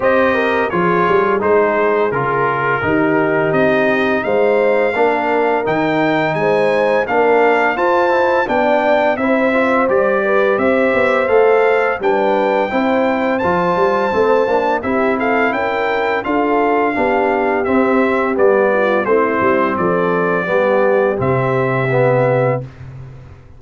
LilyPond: <<
  \new Staff \with { instrumentName = "trumpet" } { \time 4/4 \tempo 4 = 85 dis''4 cis''4 c''4 ais'4~ | ais'4 dis''4 f''2 | g''4 gis''4 f''4 a''4 | g''4 e''4 d''4 e''4 |
f''4 g''2 a''4~ | a''4 e''8 f''8 g''4 f''4~ | f''4 e''4 d''4 c''4 | d''2 e''2 | }
  \new Staff \with { instrumentName = "horn" } { \time 4/4 c''8 ais'8 gis'2. | g'2 c''4 ais'4~ | ais'4 c''4 ais'4 c''4 | d''4 c''4. b'8 c''4~ |
c''4 b'4 c''2~ | c''4 g'8 a'8 ais'4 a'4 | g'2~ g'8 f'8 e'4 | a'4 g'2. | }
  \new Staff \with { instrumentName = "trombone" } { \time 4/4 g'4 f'4 dis'4 f'4 | dis'2. d'4 | dis'2 d'4 f'8 e'8 | d'4 e'8 f'8 g'2 |
a'4 d'4 e'4 f'4 | c'8 d'8 e'2 f'4 | d'4 c'4 b4 c'4~ | c'4 b4 c'4 b4 | }
  \new Staff \with { instrumentName = "tuba" } { \time 4/4 c'4 f8 g8 gis4 cis4 | dis4 c'4 gis4 ais4 | dis4 gis4 ais4 f'4 | b4 c'4 g4 c'8 b8 |
a4 g4 c'4 f8 g8 | a8 ais8 c'4 cis'4 d'4 | b4 c'4 g4 a8 g8 | f4 g4 c2 | }
>>